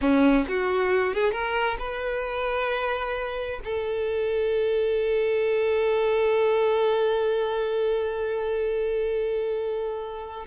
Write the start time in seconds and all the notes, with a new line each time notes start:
0.01 C#4
0.48 F#4
1.13 G#4
1.32 A#4
1.78 B4
3.64 A4